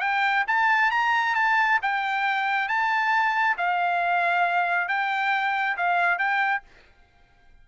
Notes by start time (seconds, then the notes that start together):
0.00 G5
0.47 A5
0.91 A#5
1.35 A5
1.82 G5
2.68 A5
3.57 F5
4.88 G5
5.77 F5
6.18 G5